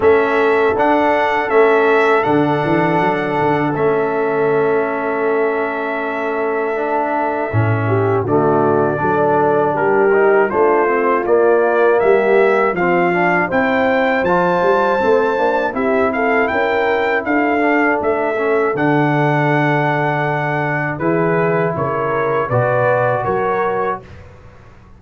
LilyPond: <<
  \new Staff \with { instrumentName = "trumpet" } { \time 4/4 \tempo 4 = 80 e''4 fis''4 e''4 fis''4~ | fis''4 e''2.~ | e''2. d''4~ | d''4 ais'4 c''4 d''4 |
e''4 f''4 g''4 a''4~ | a''4 e''8 f''8 g''4 f''4 | e''4 fis''2. | b'4 cis''4 d''4 cis''4 | }
  \new Staff \with { instrumentName = "horn" } { \time 4/4 a'1~ | a'1~ | a'2~ a'8 g'8 fis'4 | a'4 g'4 f'2 |
g'4 f'4 c''2~ | c''4 g'8 a'8 ais'4 a'4~ | a'1 | gis'4 ais'4 b'4 ais'4 | }
  \new Staff \with { instrumentName = "trombone" } { \time 4/4 cis'4 d'4 cis'4 d'4~ | d'4 cis'2.~ | cis'4 d'4 cis'4 a4 | d'4. dis'8 d'8 c'8 ais4~ |
ais4 c'8 d'8 e'4 f'4 | c'8 d'8 e'2~ e'8 d'8~ | d'8 cis'8 d'2. | e'2 fis'2 | }
  \new Staff \with { instrumentName = "tuba" } { \time 4/4 a4 d'4 a4 d8 e8 | fis8 d8 a2.~ | a2 a,4 d4 | fis4 g4 a4 ais4 |
g4 f4 c'4 f8 g8 | a8 ais8 c'4 cis'4 d'4 | a4 d2. | e4 cis4 b,4 fis4 | }
>>